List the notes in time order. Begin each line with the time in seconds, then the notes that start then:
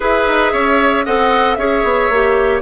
0.00 E4 G#4 B4 E5
0.27 D#4
0.52 C#4 C#5
1.05 C4 A4 D#5 F#5
1.54 C#4 G#4 C#5 E5
1.83 B3
2.09 A#3 G4